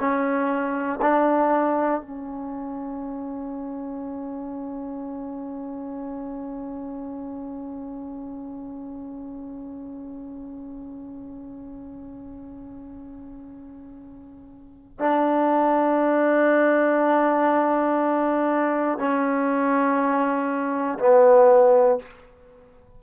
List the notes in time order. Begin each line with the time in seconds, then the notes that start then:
0.00 C#4
1.02 D4
2.02 C#4
15.00 D4
18.99 C#4
20.99 B3